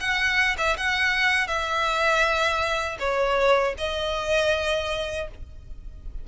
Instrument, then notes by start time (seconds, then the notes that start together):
violin
0.00 F#5
0.58 E5
0.77 F#5
1.47 E5
2.99 C#5
3.78 D#5